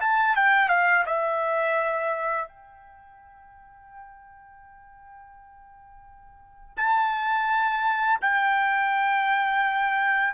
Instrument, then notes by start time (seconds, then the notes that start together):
trumpet
0.00 A5
0.36 G5
0.69 F5
1.06 E5
2.48 G5
6.77 A5
8.21 G5